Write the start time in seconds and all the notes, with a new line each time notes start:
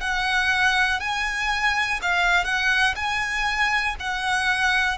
0.00 F#5
1.00 G#5
2.02 F5
2.44 F#5
2.95 G#5
3.99 F#5